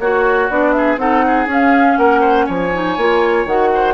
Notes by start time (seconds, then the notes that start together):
0.00 A#3 F#4 C#5
0.50 B3 D4 D5
0.72 G#4 E5
0.97 C4 D#4 A4 F#5
1.27 G#4
1.47 C#4 F5
1.98 A#3 A#4 F#5
2.21 C5
2.46 F3 C#5 G#5
2.73 D#4
2.97 A#3 F4
3.46 D#3 F#4 F#5
3.75 C5